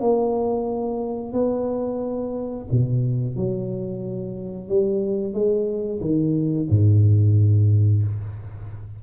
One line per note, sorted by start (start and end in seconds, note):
0.00 1.32 A#3
1.32 2.66 B3
2.71 3.36 B2
3.36 4.69 F#3
4.69 5.33 G3
5.33 6.00 G#3
6.01 6.67 D#3
6.70 8.03 G#2